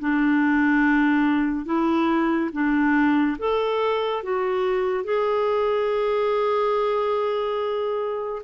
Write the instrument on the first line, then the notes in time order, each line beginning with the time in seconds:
clarinet
0.00 D4
1.66 E4
2.52 D4
3.38 A4
4.23 F#4
5.04 G#4